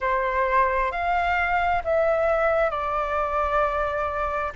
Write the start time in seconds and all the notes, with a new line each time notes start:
0.00 C5
0.91 F5
1.84 E5
2.70 D5